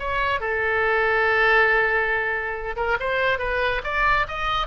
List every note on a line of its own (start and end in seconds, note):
0.00 0.41 C#5
0.41 2.76 A4
2.77 2.98 A#4
3.00 3.39 C5
3.39 3.82 B4
3.84 4.27 D5
4.28 4.68 D#5